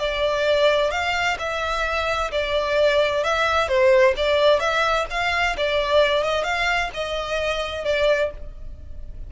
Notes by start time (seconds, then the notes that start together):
0.00 D5
0.91 F5
1.39 E5
2.32 D5
3.24 E5
3.68 C5
4.17 D5
4.60 E5
5.10 F5
5.58 D5
6.24 D#5
6.44 F5
6.94 D#5
7.85 D5